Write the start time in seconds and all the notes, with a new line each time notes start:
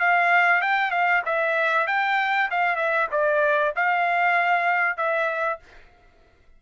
0.00 F5
0.61 G5
0.91 F5
1.25 E5
1.87 G5
2.51 F5
2.76 E5
3.11 D5
3.76 F5
4.97 E5